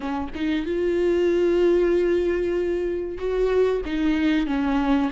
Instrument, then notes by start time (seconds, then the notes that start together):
viola
0.00 C#4
0.35 D#4
0.65 F4
3.17 F#4
3.85 D#4
4.46 C#4